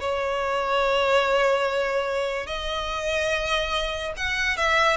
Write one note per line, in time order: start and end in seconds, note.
0.00 2.46 C#5
2.46 4.13 D#5
4.16 4.57 F#5
4.57 4.96 E5